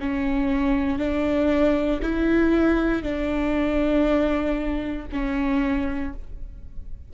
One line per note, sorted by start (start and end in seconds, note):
0.00 0.98 C#4
0.98 2.00 D4
2.02 3.03 E4
3.03 5.06 D4
5.12 6.13 C#4